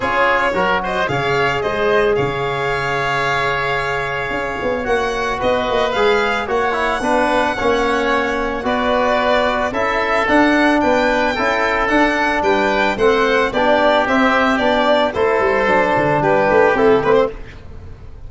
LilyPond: <<
  \new Staff \with { instrumentName = "violin" } { \time 4/4 \tempo 4 = 111 cis''4. dis''8 f''4 dis''4 | f''1~ | f''4 fis''4 dis''4 f''4 | fis''1 |
d''2 e''4 fis''4 | g''2 fis''4 g''4 | fis''4 d''4 e''4 d''4 | c''2 b'4 a'8 b'16 c''16 | }
  \new Staff \with { instrumentName = "oboe" } { \time 4/4 gis'4 ais'8 c''8 cis''4 c''4 | cis''1~ | cis''2 b'2 | cis''4 b'4 cis''2 |
b'2 a'2 | b'4 a'2 b'4 | c''4 g'2. | a'2 g'2 | }
  \new Staff \with { instrumentName = "trombone" } { \time 4/4 f'4 fis'4 gis'2~ | gis'1~ | gis'4 fis'2 gis'4 | fis'8 e'8 d'4 cis'2 |
fis'2 e'4 d'4~ | d'4 e'4 d'2 | c'4 d'4 c'4 d'4 | e'4 d'2 e'8 c'8 | }
  \new Staff \with { instrumentName = "tuba" } { \time 4/4 cis'4 fis4 cis4 gis4 | cis1 | cis'8 b8 ais4 b8 ais8 gis4 | ais4 b4 ais2 |
b2 cis'4 d'4 | b4 cis'4 d'4 g4 | a4 b4 c'4 b4 | a8 g8 fis8 d8 g8 a8 c'8 a8 | }
>>